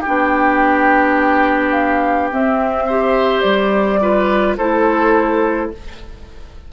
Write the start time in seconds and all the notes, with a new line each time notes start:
0.00 G4 G5
0.06 B3 D4
1.72 F5
2.31 C4 E5
2.86 G4 C5
3.41 G3 D5
4.01 F4 B4
4.57 A3 E4 A4 C5